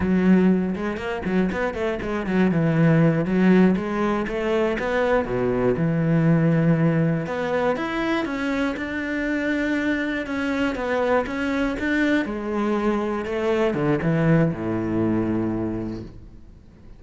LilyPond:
\new Staff \with { instrumentName = "cello" } { \time 4/4 \tempo 4 = 120 fis4. gis8 ais8 fis8 b8 a8 | gis8 fis8 e4. fis4 gis8~ | gis8 a4 b4 b,4 e8~ | e2~ e8 b4 e'8~ |
e'8 cis'4 d'2~ d'8~ | d'8 cis'4 b4 cis'4 d'8~ | d'8 gis2 a4 d8 | e4 a,2. | }